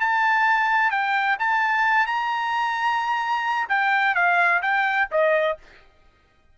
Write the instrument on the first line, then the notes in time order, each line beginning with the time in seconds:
trumpet
0.00 A5
0.91 G5
1.39 A5
2.06 A#5
3.69 G5
4.15 F5
4.62 G5
5.11 D#5